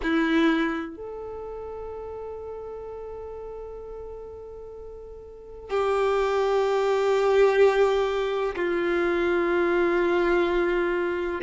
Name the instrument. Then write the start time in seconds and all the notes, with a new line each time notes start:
violin
0.03 E4
0.96 A4
5.69 G4
8.55 F4